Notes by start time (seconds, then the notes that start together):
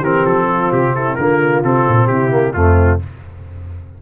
0.00 E3 C4 G4 A#4
0.26 F3 A4
0.51 F4
0.72 C3 G4
0.95 E4 A4
1.15 D3 A#3 F4 A#4
1.64 C3 C4 A4
1.88 A#2
2.07 C3 E4 G4
2.31 A#3
2.54 F2 A3 C4 F4